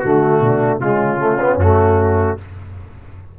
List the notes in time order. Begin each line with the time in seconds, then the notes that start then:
0.00 D3 A3 F#4
0.41 B2 D4
0.80 C#3 G#3 C#4 F4
1.19 A3
1.41 B3
1.56 F#2 A3 F#4